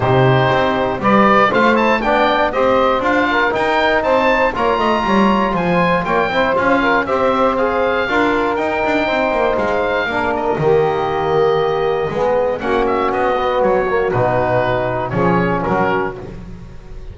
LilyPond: <<
  \new Staff \with { instrumentName = "oboe" } { \time 4/4 \tempo 4 = 119 c''2 d''4 f''8 a''8 | g''4 dis''4 f''4 g''4 | a''4 ais''2 gis''4 | g''4 f''4 e''4 f''4~ |
f''4 g''2 f''4~ | f''8 dis''2.~ dis''8~ | dis''4 fis''8 e''8 dis''4 cis''4 | b'2 cis''4 ais'4 | }
  \new Staff \with { instrumentName = "saxophone" } { \time 4/4 g'2 b'4 c''4 | d''4 c''4. ais'4. | c''4 cis''8 dis''8 cis''4 c''4 | cis''8 c''4 ais'8 c''2 |
ais'2 c''2 | ais'4 g'2. | gis'4 fis'2.~ | fis'2 gis'4 fis'4 | }
  \new Staff \with { instrumentName = "trombone" } { \time 4/4 dis'2 g'4 f'8 e'8 | d'4 g'4 f'4 dis'4~ | dis'4 f'2.~ | f'8 e'8 f'4 g'4 gis'4 |
f'4 dis'2. | d'4 ais2. | b4 cis'4. b4 ais8 | dis'2 cis'2 | }
  \new Staff \with { instrumentName = "double bass" } { \time 4/4 c4 c'4 g4 a4 | b4 c'4 d'4 dis'4 | c'4 ais8 a8 g4 f4 | ais8 c'8 cis'4 c'2 |
d'4 dis'8 d'8 c'8 ais8 gis4 | ais4 dis2. | gis4 ais4 b4 fis4 | b,2 f4 fis4 | }
>>